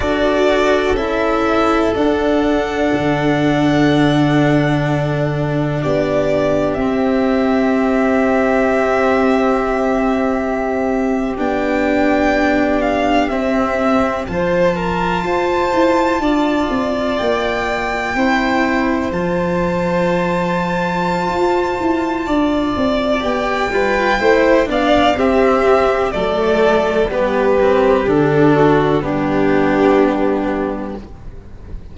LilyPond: <<
  \new Staff \with { instrumentName = "violin" } { \time 4/4 \tempo 4 = 62 d''4 e''4 fis''2~ | fis''2 d''4 e''4~ | e''2.~ e''8. g''16~ | g''4~ g''16 f''8 e''4 a''4~ a''16~ |
a''4.~ a''16 g''2 a''16~ | a''1 | g''4. f''8 e''4 d''4 | b'4 a'4 g'2 | }
  \new Staff \with { instrumentName = "violin" } { \time 4/4 a'1~ | a'2 g'2~ | g'1~ | g'2~ g'8. c''8 ais'8 c''16~ |
c''8. d''2 c''4~ c''16~ | c''2. d''4~ | d''8 b'8 c''8 d''8 g'4 a'4 | g'4. fis'8 d'2 | }
  \new Staff \with { instrumentName = "cello" } { \time 4/4 fis'4 e'4 d'2~ | d'2. c'4~ | c'2.~ c'8. d'16~ | d'4.~ d'16 c'4 f'4~ f'16~ |
f'2~ f'8. e'4 f'16~ | f'1 | g'8 f'8 e'8 d'8 c'4 a4 | b8 c'8 d'4 b2 | }
  \new Staff \with { instrumentName = "tuba" } { \time 4/4 d'4 cis'4 d'4 d4~ | d2 b4 c'4~ | c'2.~ c'8. b16~ | b4.~ b16 c'4 f4 f'16~ |
f'16 e'8 d'8 c'8 ais4 c'4 f16~ | f2 f'8 e'8 d'8 c'8 | b8 g8 a8 b8 c'4 fis4 | g4 d4 g2 | }
>>